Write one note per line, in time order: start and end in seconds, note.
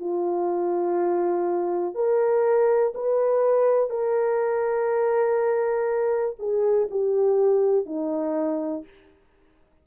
0.00 1.95 F4
1.95 2.93 A#4
2.95 3.90 B4
3.90 6.36 A#4
6.39 6.89 G#4
6.91 7.86 G4
7.86 8.85 D#4